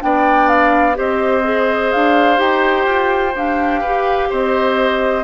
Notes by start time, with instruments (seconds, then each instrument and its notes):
0.00 bassoon B3, clarinet D4, oboe D5, flute G5
0.48 flute F5
0.94 bassoon C4, clarinet G4, oboe C5, flute D#5
1.43 clarinet G#4
1.92 bassoon D4, flute F5
2.37 bassoon D#4, clarinet G4, flute G5
2.86 bassoon F4
3.35 clarinet D4, bassoon G4, flute F5
3.81 clarinet G4, oboe B4
4.30 bassoon C4, oboe C5, flute D#5